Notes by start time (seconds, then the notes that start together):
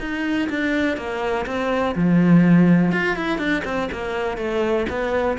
0.00 D#4
0.49 D4
0.97 A#3
1.47 C4
1.96 F3
2.92 F4
3.17 E4
3.39 D4
3.65 C4
3.92 A#3
4.37 A3
4.89 B3